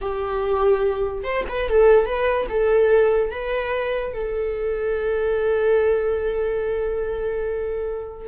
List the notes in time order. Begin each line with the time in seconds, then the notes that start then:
0.01 G4
1.23 C5
1.48 B4
1.69 A4
2.05 B4
2.49 A4
3.30 B4
4.13 A4